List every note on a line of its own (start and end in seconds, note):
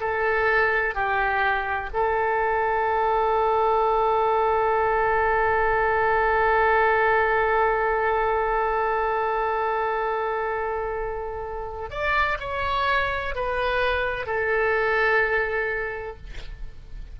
0.00 0.94 A4
0.94 1.90 G4
1.93 11.90 A4
11.90 12.37 D5
12.39 13.35 C#5
13.35 14.26 B4
14.26 16.16 A4